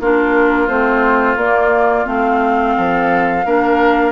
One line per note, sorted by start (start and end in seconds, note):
0.00 0.69 A#3
0.00 0.68 D4
0.00 2.77 F4
0.00 0.68 A#4
0.68 1.36 A3
0.68 1.37 C4
0.68 1.37 C5
1.36 2.05 A#3
1.36 2.06 D5
2.05 2.76 A3
2.05 3.43 C4
2.05 4.12 F5
2.77 3.46 F3
2.77 3.46 A4
3.46 4.12 A#3
3.46 4.12 D4
3.46 4.12 A#4